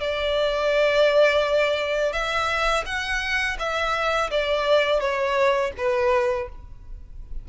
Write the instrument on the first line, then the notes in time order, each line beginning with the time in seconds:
violin
0.00 D5
2.12 E5
2.85 F#5
3.59 E5
4.31 D5
5.00 C#5
5.77 B4